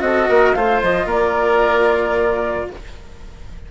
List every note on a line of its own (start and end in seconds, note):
0.00 0.28 C4
0.00 0.54 F#4
0.00 0.29 A4
0.00 0.54 D#5
0.29 0.55 A#3
0.29 0.55 A#4
0.54 0.81 A3
0.54 2.70 F4
0.54 1.06 C5
0.54 0.81 F5
0.82 1.05 F3
0.82 1.09 D#5
1.05 2.66 A#3
1.05 2.67 A#4
1.05 2.71 D5